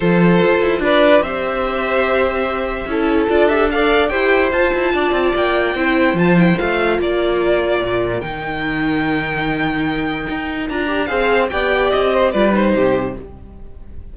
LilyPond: <<
  \new Staff \with { instrumentName = "violin" } { \time 4/4 \tempo 4 = 146 c''2 d''4 e''4~ | e''1 | d''8 e''8 f''4 g''4 a''4~ | a''4 g''2 a''8 g''8 |
f''4 d''2. | g''1~ | g''2 ais''4 f''4 | g''4 dis''4 d''8 c''4. | }
  \new Staff \with { instrumentName = "violin" } { \time 4/4 a'2 b'4 c''4~ | c''2. a'4~ | a'4 d''4 c''2 | d''2 c''2~ |
c''4 ais'2.~ | ais'1~ | ais'2. c''4 | d''4. c''8 b'4 g'4 | }
  \new Staff \with { instrumentName = "viola" } { \time 4/4 f'2. g'4~ | g'2. e'4 | f'8 g'8 a'4 g'4 f'4~ | f'2 e'4 f'8 e'8 |
f'1 | dis'1~ | dis'2 f'8 g'8 gis'4 | g'2 f'8 dis'4. | }
  \new Staff \with { instrumentName = "cello" } { \time 4/4 f4 f'8 e'8 d'4 c'4~ | c'2. cis'4 | d'2 e'4 f'8 e'8 | d'8 c'8 ais4 c'4 f4 |
a4 ais2 ais,4 | dis1~ | dis4 dis'4 d'4 c'4 | b4 c'4 g4 c4 | }
>>